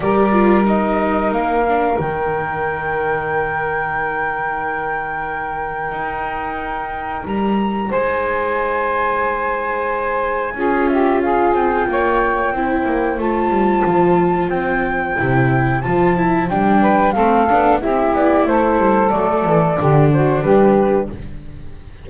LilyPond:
<<
  \new Staff \with { instrumentName = "flute" } { \time 4/4 \tempo 4 = 91 d''4 dis''4 f''4 g''4~ | g''1~ | g''2. ais''4 | gis''1~ |
gis''8 e''8 f''8 g''2~ g''8 | a''2 g''2 | a''4 g''4 f''4 e''8 d''8 | c''4 d''4. c''8 b'4 | }
  \new Staff \with { instrumentName = "saxophone" } { \time 4/4 ais'1~ | ais'1~ | ais'1 | c''1 |
gis'8 g'8 gis'4 cis''4 c''4~ | c''1~ | c''4. b'8 a'4 g'4 | a'2 g'8 fis'8 g'4 | }
  \new Staff \with { instrumentName = "viola" } { \time 4/4 g'8 f'8 dis'4. d'8 dis'4~ | dis'1~ | dis'1~ | dis'1 |
f'2. e'4 | f'2. e'4 | f'8 e'8 d'4 c'8 d'8 e'4~ | e'4 a4 d'2 | }
  \new Staff \with { instrumentName = "double bass" } { \time 4/4 g2 ais4 dis4~ | dis1~ | dis4 dis'2 g4 | gis1 |
cis'4. c'8 ais4 c'8 ais8 | a8 g8 f4 c'4 c4 | f4 g4 a8 b8 c'8 b8 | a8 g8 fis8 e8 d4 g4 | }
>>